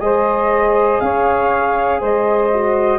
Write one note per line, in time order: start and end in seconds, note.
0.00 1.00 G#3
0.00 2.51 G#4
0.00 1.03 C5
0.00 1.01 D#5
1.01 2.01 C#4
1.01 2.00 C#5
1.01 2.01 F5
2.00 2.99 G#3
2.00 2.99 C5
2.00 2.99 D#5
2.54 2.99 F#4